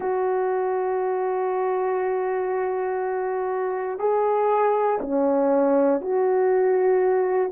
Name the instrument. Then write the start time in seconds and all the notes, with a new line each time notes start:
horn
0.00 F#4
3.99 G#4
5.01 C#4
6.00 F#4